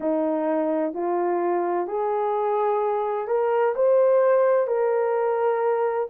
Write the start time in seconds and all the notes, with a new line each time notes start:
0.00 D#4
0.93 F4
1.87 G#4
3.27 A#4
3.75 C5
4.67 A#4